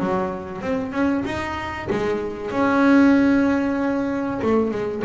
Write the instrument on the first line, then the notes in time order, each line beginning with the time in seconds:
double bass
0.00 F#3
0.62 C4
0.92 C#4
1.25 D#4
1.90 G#3
2.51 C#4
4.43 A3
4.71 G#3